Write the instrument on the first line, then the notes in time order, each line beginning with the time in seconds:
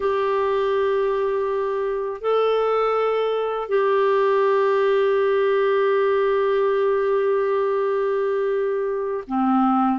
clarinet
0.00 G4
2.21 A4
3.68 G4
9.27 C4